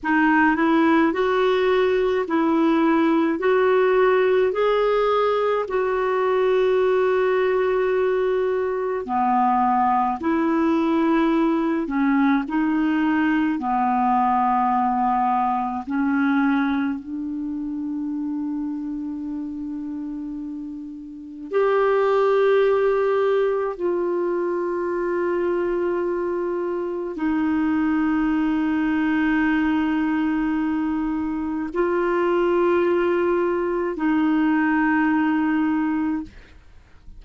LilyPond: \new Staff \with { instrumentName = "clarinet" } { \time 4/4 \tempo 4 = 53 dis'8 e'8 fis'4 e'4 fis'4 | gis'4 fis'2. | b4 e'4. cis'8 dis'4 | b2 cis'4 d'4~ |
d'2. g'4~ | g'4 f'2. | dis'1 | f'2 dis'2 | }